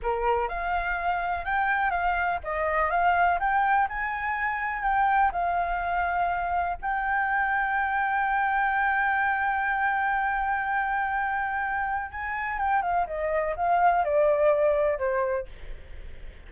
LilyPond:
\new Staff \with { instrumentName = "flute" } { \time 4/4 \tempo 4 = 124 ais'4 f''2 g''4 | f''4 dis''4 f''4 g''4 | gis''2 g''4 f''4~ | f''2 g''2~ |
g''1~ | g''1~ | g''4 gis''4 g''8 f''8 dis''4 | f''4 d''2 c''4 | }